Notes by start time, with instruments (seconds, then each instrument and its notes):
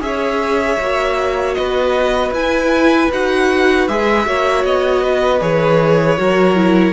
0.00 cello C#4, viola G#4, violin C#5 E5
0.79 cello A#3, viola F#4
1.54 cello B3, violin B4 D#5
2.31 cello E4, viola E4, violin G#5
3.12 cello D#4, viola F#4, violin F#5
3.87 cello G#3, viola G#4, violin E5
4.25 cello A#3, viola F#4, violin C#5
4.64 cello B3, violin D#5
5.03 violin B4
5.41 cello E3, viola G#4, violin C#5
6.17 cello F#3, viola F#4, violin A#4
6.55 viola E4